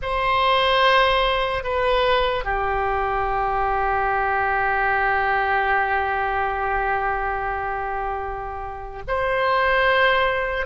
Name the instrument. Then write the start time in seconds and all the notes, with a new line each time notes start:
oboe
0.01 C5
1.63 B4
2.44 G4
9.07 C5